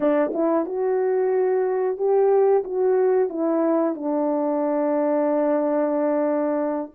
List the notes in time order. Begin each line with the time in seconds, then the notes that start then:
0.00 D4
0.33 E4
0.65 F#4
1.97 G4
2.63 F#4
3.29 E4
3.94 D4